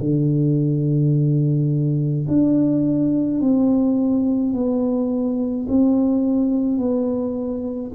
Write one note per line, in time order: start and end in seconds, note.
0.00 2.26 D3
2.28 3.41 D4
3.41 4.54 C4
4.54 5.67 B3
5.69 6.79 C4
6.79 7.92 B3